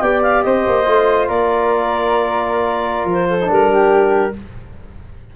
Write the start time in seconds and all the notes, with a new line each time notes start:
0.00 B3 G4 D5 G5
0.22 F5
0.42 C4 C5 D#5
0.66 A#3
0.85 A3 F4
1.28 A#3 A#4 D5
3.04 F3
3.11 C5
3.29 A4
3.41 D4 D#4
3.50 G3 A#4
3.72 G4